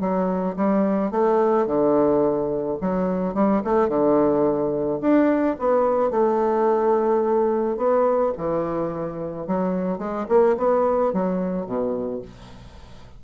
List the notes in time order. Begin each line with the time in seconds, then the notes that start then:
0.00 F#3
0.56 G3
1.11 A3
1.66 D3
2.81 F#3
3.34 G3
3.64 A3
3.88 D3
5.01 D4
5.59 B3
6.10 A3
7.77 B3
8.37 E3
9.47 F#3
9.98 G#3
10.28 A#3
10.57 B3
11.13 F#3
11.66 B2